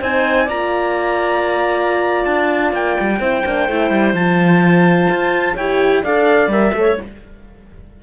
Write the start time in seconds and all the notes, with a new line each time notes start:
0.00 C4 D#4 C5 G#5
0.45 A#3 F4 D5 A#5
2.25 D4 A5
2.73 A#3 G5
3.00 G3
3.19 C4 E4 C5
3.46 A#3 D4
3.69 A3 E4
3.91 G3
4.14 F3 F4 A5
5.09 F4
5.55 E4 G4 C#5 G5
6.03 D4 A4 D5 F5
6.48 G3 A#4 E5
6.74 A3 A4 C#5